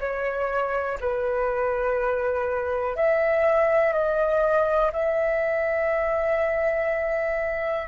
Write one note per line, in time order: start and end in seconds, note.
0.00 0.98 C#5
1.01 2.96 B4
2.96 3.93 E5
3.93 4.91 D#5
4.93 7.88 E5